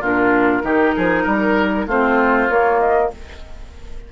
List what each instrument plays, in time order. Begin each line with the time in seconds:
0.00 bassoon A#2, clarinet D4, oboe F4, flute A#4
0.63 bassoon D#3, clarinet D#4, oboe G4
0.95 bassoon F3, oboe G#4
1.23 bassoon G3, oboe A#4
1.87 bassoon A3, clarinet C4, oboe F4, flute C5
2.49 bassoon A#3, clarinet A#3, flute C#5
2.79 flute D#5